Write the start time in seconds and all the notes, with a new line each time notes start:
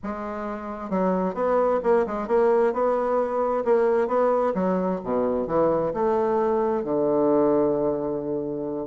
0.03 G#3
0.89 F#3
1.34 B3
1.83 A#3
2.06 G#3
2.27 A#3
2.73 B3
3.64 A#3
4.07 B3
4.54 F#3
5.03 B2
5.47 E3
5.93 A3
6.84 D3